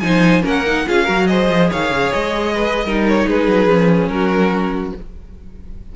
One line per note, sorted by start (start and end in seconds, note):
0.00 0.43 F3
0.00 0.42 D#4
0.00 0.43 C5
0.00 0.42 G#5
0.42 0.87 A#3
0.42 0.63 C#4
0.42 0.85 A#4
0.42 0.89 F#5
0.66 0.87 D#4
0.87 1.08 C#4
0.87 1.06 F4
0.87 1.03 G#4
0.87 1.27 F5
1.03 1.50 F#3
1.03 1.26 F#4
1.03 1.24 A#4
1.27 2.86 G#4
1.27 1.70 C5
1.27 1.69 D#5
1.50 1.71 F3
1.70 1.91 D#3
1.70 2.54 C#5
1.70 2.12 F5
1.91 2.12 C#3
2.12 2.84 G#3
2.12 3.07 D#5
2.55 2.85 B4
2.84 3.26 G3
2.84 3.69 D#4
2.84 3.26 A#4
3.08 3.29 C#5
3.26 3.47 G#3
3.26 4.10 G#4
3.26 4.08 B4
3.47 3.67 F#3
3.67 4.08 F3
3.67 4.95 C#4
4.08 4.92 F#3
4.08 4.96 F#4
4.08 4.92 A#4